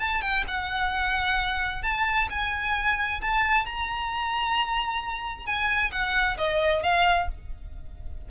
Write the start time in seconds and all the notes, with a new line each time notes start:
0.00 A5
0.22 G5
0.48 F#5
1.83 A5
2.30 G#5
3.21 A5
3.65 A#5
5.46 G#5
5.92 F#5
6.38 D#5
6.83 F5